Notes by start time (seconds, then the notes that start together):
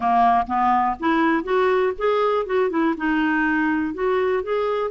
0.00 A#3
0.46 B3
0.99 E4
1.43 F#4
1.98 G#4
2.45 F#4
2.70 E4
2.97 D#4
3.93 F#4
4.43 G#4